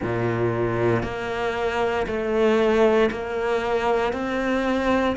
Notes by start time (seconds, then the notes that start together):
0.02 A#2
1.03 A#3
2.06 A3
3.11 A#3
4.12 C4